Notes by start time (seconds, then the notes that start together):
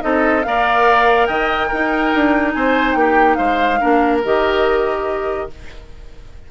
0.00 C4 D#4 A4 D#5
0.43 A#3 A#4 D5 F5
1.26 D#3 D#5 G5
1.68 D#4 A#4
1.74 D#4
2.14 D4
2.52 C4 C5 G#5
2.93 A#3 G4 G5
3.35 G#3 C5 F5
3.79 A#3 D4 A#4
4.24 D#3 G4 D#5